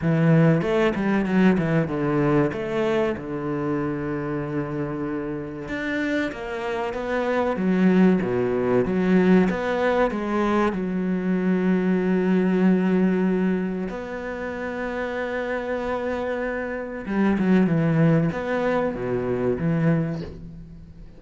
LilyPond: \new Staff \with { instrumentName = "cello" } { \time 4/4 \tempo 4 = 95 e4 a8 g8 fis8 e8 d4 | a4 d2.~ | d4 d'4 ais4 b4 | fis4 b,4 fis4 b4 |
gis4 fis2.~ | fis2 b2~ | b2. g8 fis8 | e4 b4 b,4 e4 | }